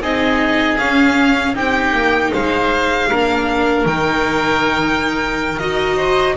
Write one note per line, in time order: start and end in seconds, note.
0.00 0.77 C4
0.00 0.79 D#4
0.00 1.54 G#4
0.00 0.78 D#5
0.78 1.55 C#4
0.78 1.54 C#4
0.78 1.54 F5
1.54 1.93 C4
1.54 3.08 D#4
1.54 2.31 G4
1.54 2.33 G5
1.93 2.31 A#3
2.32 3.10 G#3
2.32 3.09 C5
2.32 3.86 F5
3.09 3.85 A#3
3.09 3.87 D4
3.09 5.96 A#4
3.85 5.58 D#3
3.85 5.60 D#4
3.85 5.58 G5
5.58 6.37 D#4
5.58 6.37 F#4
5.58 6.35 D#5
5.96 6.35 C5